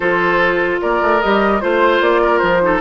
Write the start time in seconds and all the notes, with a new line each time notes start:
0.00 F3 F4 A4 C5
0.81 A#3 A#4 D5
1.01 A3
1.21 G3 G4 D#5
1.60 A3 F4 C5
2.00 A#3 D5
2.21 A#4
2.38 F3 C5
2.61 D#4 A4